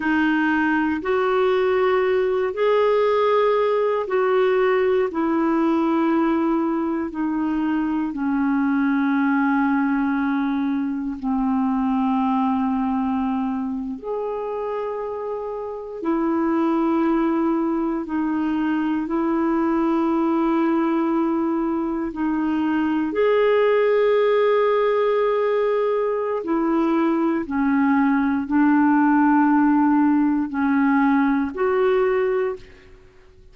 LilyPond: \new Staff \with { instrumentName = "clarinet" } { \time 4/4 \tempo 4 = 59 dis'4 fis'4. gis'4. | fis'4 e'2 dis'4 | cis'2. c'4~ | c'4.~ c'16 gis'2 e'16~ |
e'4.~ e'16 dis'4 e'4~ e'16~ | e'4.~ e'16 dis'4 gis'4~ gis'16~ | gis'2 e'4 cis'4 | d'2 cis'4 fis'4 | }